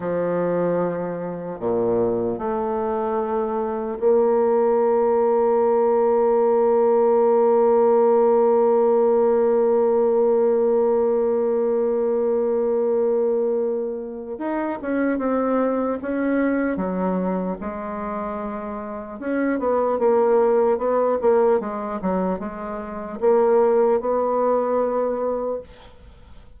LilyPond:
\new Staff \with { instrumentName = "bassoon" } { \time 4/4 \tempo 4 = 75 f2 ais,4 a4~ | a4 ais2.~ | ais1~ | ais1~ |
ais2 dis'8 cis'8 c'4 | cis'4 fis4 gis2 | cis'8 b8 ais4 b8 ais8 gis8 fis8 | gis4 ais4 b2 | }